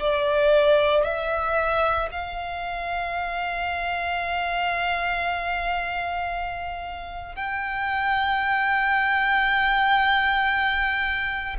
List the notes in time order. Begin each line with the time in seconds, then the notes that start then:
0.00 D5
1.04 E5
2.11 F5
7.35 G5